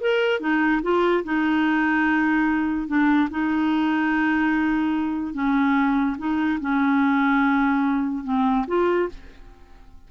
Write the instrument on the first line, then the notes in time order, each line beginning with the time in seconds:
clarinet
0.00 A#4
0.40 D#4
0.82 F4
1.24 D#4
2.87 D4
3.30 D#4
5.33 C#4
6.17 D#4
6.60 C#4
8.24 C4
8.67 F4